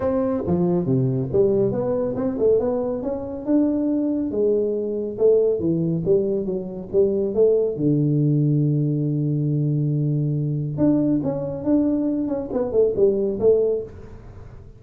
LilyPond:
\new Staff \with { instrumentName = "tuba" } { \time 4/4 \tempo 4 = 139 c'4 f4 c4 g4 | b4 c'8 a8 b4 cis'4 | d'2 gis2 | a4 e4 g4 fis4 |
g4 a4 d2~ | d1~ | d4 d'4 cis'4 d'4~ | d'8 cis'8 b8 a8 g4 a4 | }